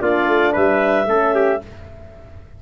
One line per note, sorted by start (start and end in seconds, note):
0.00 0.27 A#3
0.00 1.07 D4
0.00 0.52 F4
0.00 0.54 D5
0.27 0.54 A3
0.52 1.06 G3
0.52 1.06 B4
0.52 1.62 E5
1.06 1.60 A3
1.06 1.62 C#4
1.06 1.35 A4
1.35 1.61 G4